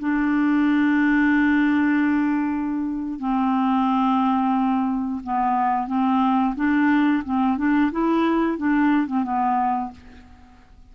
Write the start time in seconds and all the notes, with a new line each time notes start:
0.00 D4
3.20 C4
5.24 B3
5.88 C4
6.56 D4
7.25 C4
7.58 D4
7.92 E4
8.58 D4
9.07 C4
9.24 B3